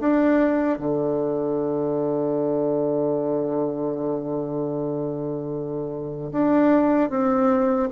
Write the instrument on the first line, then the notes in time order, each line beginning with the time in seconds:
bassoon
0.00 D4
0.78 D3
6.31 D4
7.10 C4